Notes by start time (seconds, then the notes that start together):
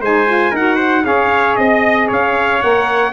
0.00 G#3 D#4 C5 G#5
0.27 F4
0.51 D#4 F#4 A#4 F#5
0.75 C5
1.03 C#4 G#4 C#5 F5
1.55 C4 D#5
2.07 C#4 C#5 F5
2.62 A#3 A#4 F#5